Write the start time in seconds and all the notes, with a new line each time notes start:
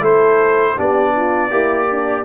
0.00 A3 E4 A4 C5
0.76 B3 D4 G4 D5
1.16 F4
1.50 A#3 E4 G4
1.91 D4